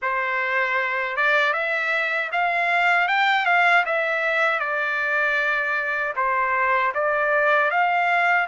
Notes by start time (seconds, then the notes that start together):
0.02 C5
1.16 D5
1.53 E5
2.32 F5
3.08 G5
3.45 F5
3.85 E5
4.59 D5
6.15 C5
6.94 D5
7.70 F5